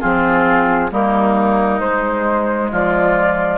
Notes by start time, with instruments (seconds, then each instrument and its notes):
0.00 bassoon F3, clarinet C4, oboe F4, flute G#4
0.91 bassoon G3, clarinet A#3, oboe D#4, flute A#4
1.80 bassoon G#3, clarinet G#3, flute C5
2.71 bassoon F3, oboe F4, flute D5